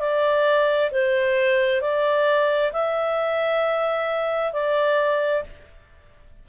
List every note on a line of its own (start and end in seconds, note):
0.00 0.91 D5
0.92 1.81 C5
1.81 2.72 D5
2.73 4.53 E5
4.53 5.44 D5